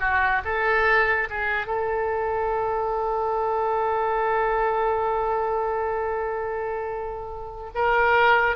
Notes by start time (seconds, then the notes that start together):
0.00 F#4
0.45 A4
1.30 G#4
1.67 A4
7.75 A#4